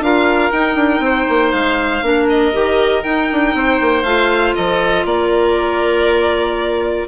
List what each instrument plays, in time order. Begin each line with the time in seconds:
0.00 bassoon D4, clarinet F4, oboe A#4, violin F5
0.51 bassoon D#4, clarinet D#4, violin G5
0.75 bassoon D4
1.00 bassoon C4, oboe C5
1.29 bassoon A#3
1.51 bassoon G#3, violin F5
2.02 bassoon A#3, clarinet D4, oboe A#4
2.29 violin D#5
2.52 bassoon D#3, clarinet G4
3.03 clarinet D#4, bassoon D#4, violin G5
3.32 bassoon D4
3.54 bassoon C4, oboe C5
3.81 bassoon A#3
4.03 bassoon A3, clarinet F4, violin F5
4.55 bassoon F3, oboe A4, violin D#5
5.05 bassoon A#3, oboe A#4, violin D5